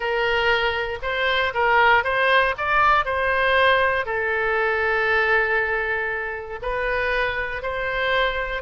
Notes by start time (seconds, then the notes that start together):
0.00 A#4
1.02 C5
1.53 A#4
2.04 C5
2.57 D5
3.05 C5
4.05 A4
6.61 B4
7.62 C5